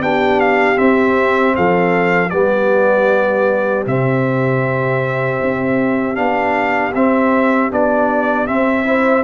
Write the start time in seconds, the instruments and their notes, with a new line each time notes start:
0.00 tuba B3, trombone D4, horn G4, trumpet G5
0.40 trumpet F5
0.75 trombone C4, tuba C4, trumpet E5
1.56 tuba F3, horn A4, trumpet F5
2.30 tuba G3, trombone B3, horn G4, trumpet D5
3.86 tuba C3, trombone C4, trumpet E5
5.41 tuba C4
6.15 tuba B3, trombone D4, trumpet F5
6.95 tuba C4, trombone C4, trumpet E5
7.71 tuba B3, trombone D4, trumpet D5
8.47 trombone C4, tuba C4, trumpet E5
8.85 trombone E4, horn C5